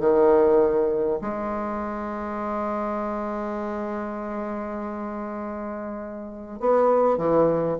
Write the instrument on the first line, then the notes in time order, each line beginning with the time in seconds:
bassoon
0.00 D#3
1.21 G#3
6.60 B3
7.18 E3